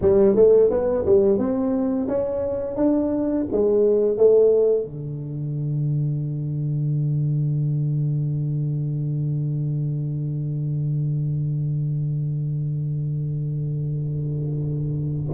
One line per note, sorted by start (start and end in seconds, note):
0.01 0.35 G3
0.35 0.70 A3
0.70 1.05 B3
1.05 1.38 G3
1.38 2.07 C4
2.08 2.76 C#4
2.76 3.46 D4
3.51 4.17 G#3
4.17 4.85 A3
4.85 15.31 D3